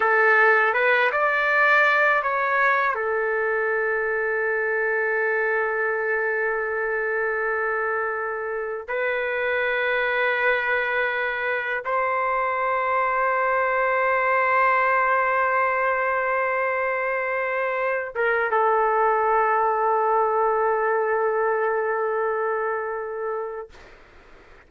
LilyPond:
\new Staff \with { instrumentName = "trumpet" } { \time 4/4 \tempo 4 = 81 a'4 b'8 d''4. cis''4 | a'1~ | a'1 | b'1 |
c''1~ | c''1~ | c''8 ais'8 a'2.~ | a'1 | }